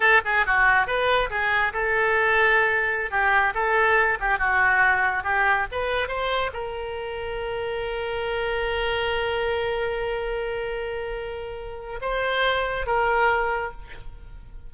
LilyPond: \new Staff \with { instrumentName = "oboe" } { \time 4/4 \tempo 4 = 140 a'8 gis'8 fis'4 b'4 gis'4 | a'2.~ a'16 g'8.~ | g'16 a'4. g'8 fis'4.~ fis'16~ | fis'16 g'4 b'4 c''4 ais'8.~ |
ais'1~ | ais'1~ | ais'1 | c''2 ais'2 | }